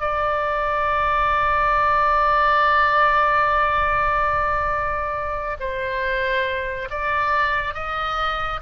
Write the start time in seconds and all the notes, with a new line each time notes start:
0.00 D5
5.59 C5
6.90 D5
7.74 D#5